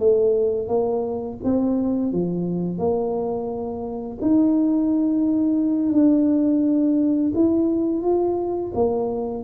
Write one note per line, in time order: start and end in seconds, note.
0.00 0.68 A3
0.68 1.38 A#3
1.44 2.13 C4
2.13 2.79 F3
2.79 4.18 A#3
4.22 5.93 D#4
5.93 7.33 D4
7.35 8.03 E4
8.03 8.73 F4
8.75 9.44 A#3